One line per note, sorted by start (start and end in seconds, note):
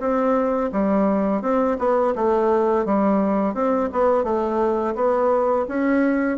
0.00 0.71 C4
0.73 1.42 G3
1.42 1.78 C4
1.79 2.14 B3
2.16 2.86 A3
2.86 3.55 G3
3.55 3.90 C4
3.93 4.24 B3
4.24 4.95 A3
4.95 5.66 B3
5.69 6.39 C#4